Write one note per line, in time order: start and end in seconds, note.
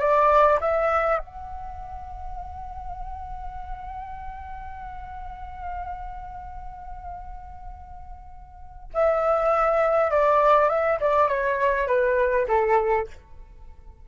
0.00 0.59 D5
0.60 1.19 E5
1.19 8.91 F#5
8.94 10.11 E5
10.11 10.70 D5
10.70 11.00 E5
11.01 11.28 D5
11.28 11.88 C#5
11.88 12.47 B4
12.48 13.08 A4